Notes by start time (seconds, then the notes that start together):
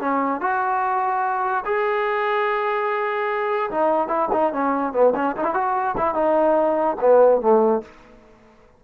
0.00 C#4
0.41 F#4
1.65 G#4
3.71 D#4
4.08 E4
4.32 D#4
4.53 C#4
4.93 B3
5.15 C#4
5.36 D#4
5.44 E4
5.54 F#4
5.98 E4
6.15 D#4
7.00 B3
7.41 A3